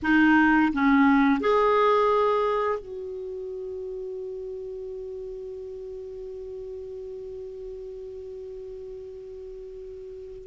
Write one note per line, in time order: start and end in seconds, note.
0.02 0.72 D#4
0.72 1.40 C#4
1.40 2.79 G#4
2.79 10.47 F#4